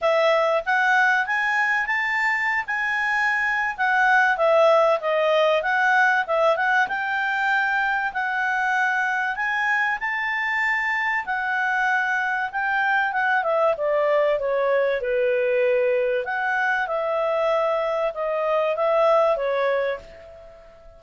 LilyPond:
\new Staff \with { instrumentName = "clarinet" } { \time 4/4 \tempo 4 = 96 e''4 fis''4 gis''4 a''4~ | a''16 gis''4.~ gis''16 fis''4 e''4 | dis''4 fis''4 e''8 fis''8 g''4~ | g''4 fis''2 gis''4 |
a''2 fis''2 | g''4 fis''8 e''8 d''4 cis''4 | b'2 fis''4 e''4~ | e''4 dis''4 e''4 cis''4 | }